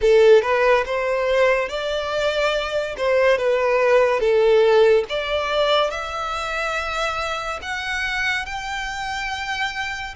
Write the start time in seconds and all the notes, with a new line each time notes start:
0.01 A4
0.42 B4
0.85 C5
1.68 D5
2.97 C5
3.37 B4
4.19 A4
5.09 D5
5.90 E5
7.61 F#5
8.45 G5